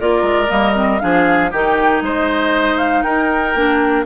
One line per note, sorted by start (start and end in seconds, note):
0.00 0.22 A#3
0.00 0.48 F4
0.00 1.02 A#4
0.00 0.51 D5
0.22 0.48 G#3
0.48 1.02 G3
0.48 0.73 A#3
0.48 1.00 D#5
0.74 1.00 C4
1.00 1.52 F3
1.00 1.51 D4
1.00 1.51 G#4
1.00 1.50 F5
1.51 2.02 D#3
1.51 3.56 D#4
1.51 2.02 G4
1.51 2.03 G5
2.02 3.03 G#3
2.02 3.04 C5
2.02 2.78 D#5
2.78 3.03 F5
3.03 3.55 D#4
3.03 4.06 A#4
3.03 4.04 G5
3.55 4.06 A#3
3.55 4.06 D4